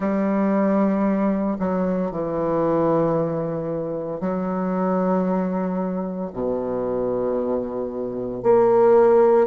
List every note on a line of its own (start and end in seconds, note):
0.00 1.57 G3
1.59 2.11 F#3
2.11 4.20 E3
4.20 6.31 F#3
6.33 8.43 B2
8.43 9.47 A#3